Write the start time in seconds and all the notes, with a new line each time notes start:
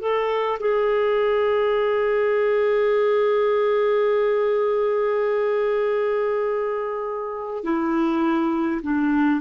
0.00 A4
0.60 G#4
7.64 E4
8.83 D4